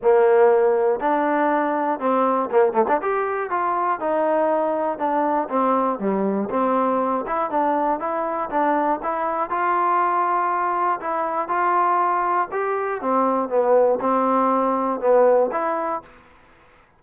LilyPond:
\new Staff \with { instrumentName = "trombone" } { \time 4/4 \tempo 4 = 120 ais2 d'2 | c'4 ais8 a16 d'16 g'4 f'4 | dis'2 d'4 c'4 | g4 c'4. e'8 d'4 |
e'4 d'4 e'4 f'4~ | f'2 e'4 f'4~ | f'4 g'4 c'4 b4 | c'2 b4 e'4 | }